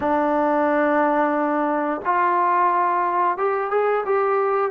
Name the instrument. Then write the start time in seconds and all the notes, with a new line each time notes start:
trombone
0.00 D4
2.05 F4
3.37 G4
3.70 G#4
4.05 G4